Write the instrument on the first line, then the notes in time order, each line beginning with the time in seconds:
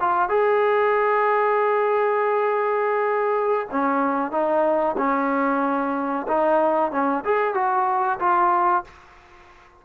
trombone
0.00 F4
0.29 G#4
3.71 C#4
4.31 D#4
4.97 C#4
6.28 D#4
6.91 C#4
7.24 G#4
7.54 F#4
8.19 F4